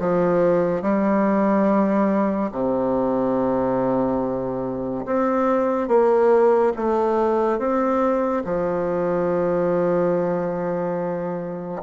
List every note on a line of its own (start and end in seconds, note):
0.00 0.82 F3
0.82 2.51 G3
2.52 5.06 C3
5.06 5.88 C4
5.88 6.73 A#3
6.77 7.59 A3
7.59 8.44 C4
8.45 11.83 F3